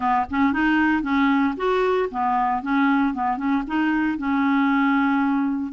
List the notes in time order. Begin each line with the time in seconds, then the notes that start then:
0.00 B3
0.30 C#4
0.52 D#4
1.02 C#4
1.57 F#4
2.10 B3
2.62 C#4
3.14 B3
3.37 C#4
3.67 D#4
4.18 C#4